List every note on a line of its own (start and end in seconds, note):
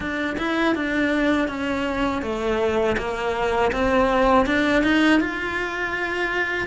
0.00 0.36 D4
0.38 0.75 E4
0.75 1.47 D4
1.47 2.22 C#4
2.22 2.96 A3
2.97 3.71 A#3
3.71 4.45 C4
4.46 4.83 D4
4.83 5.20 D#4
5.20 6.67 F4